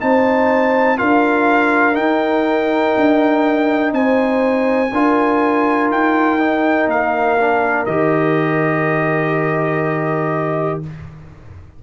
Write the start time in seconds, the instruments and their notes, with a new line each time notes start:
0.00 tuba C4, trombone D#4, horn C5, trumpet A5
0.98 tuba D4, trombone F4, horn A#4, trumpet F5
1.93 trombone D#4, tuba D#4, trumpet G5
2.97 tuba D4
3.93 tuba C4, horn C5, trumpet G#5
4.92 tuba D4, trombone F4, horn A#4
5.90 tuba D#4, trumpet G5
6.40 trombone D#4
6.87 tuba A#3, trumpet F5
7.38 trombone D4
7.86 tuba D#3, trombone G4, trumpet D#5